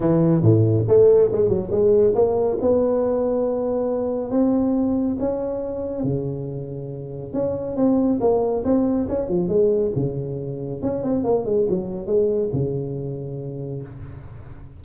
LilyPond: \new Staff \with { instrumentName = "tuba" } { \time 4/4 \tempo 4 = 139 e4 a,4 a4 gis8 fis8 | gis4 ais4 b2~ | b2 c'2 | cis'2 cis2~ |
cis4 cis'4 c'4 ais4 | c'4 cis'8 f8 gis4 cis4~ | cis4 cis'8 c'8 ais8 gis8 fis4 | gis4 cis2. | }